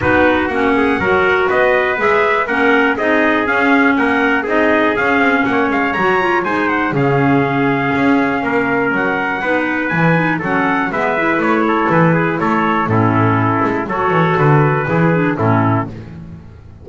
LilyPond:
<<
  \new Staff \with { instrumentName = "trumpet" } { \time 4/4 \tempo 4 = 121 b'4 fis''2 dis''4 | e''4 fis''4 dis''4 f''4 | fis''4 dis''4 f''4 fis''8 f''8 | ais''4 gis''8 fis''8 f''2~ |
f''2 fis''2 | gis''4 fis''4 e''4 cis''4 | b'4 cis''4 a'2 | cis''4 b'2 a'4 | }
  \new Staff \with { instrumentName = "trumpet" } { \time 4/4 fis'4. gis'8 ais'4 b'4~ | b'4 ais'4 gis'2 | ais'4 gis'2 cis''4~ | cis''4 c''4 gis'2~ |
gis'4 ais'2 b'4~ | b'4 a'4 b'4. a'8~ | a'8 gis'8 a'4 e'2 | a'2 gis'4 e'4 | }
  \new Staff \with { instrumentName = "clarinet" } { \time 4/4 dis'4 cis'4 fis'2 | gis'4 cis'4 dis'4 cis'4~ | cis'4 dis'4 cis'2 | fis'8 f'8 dis'4 cis'2~ |
cis'2. dis'4 | e'8 dis'8 cis'4 b8 e'4.~ | e'2 cis'2 | fis'2 e'8 d'8 cis'4 | }
  \new Staff \with { instrumentName = "double bass" } { \time 4/4 b4 ais4 fis4 b4 | gis4 ais4 c'4 cis'4 | ais4 c'4 cis'8 c'8 ais8 gis8 | fis4 gis4 cis2 |
cis'4 ais4 fis4 b4 | e4 fis4 gis4 a4 | e4 a4 a,4. gis8 | fis8 e8 d4 e4 a,4 | }
>>